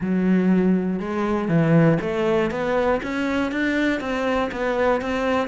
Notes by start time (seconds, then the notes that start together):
0.00 F#3
0.99 G#3
1.48 E3
2.00 A3
2.50 B3
3.02 C#4
3.51 D4
4.00 C4
4.51 B3
5.01 C4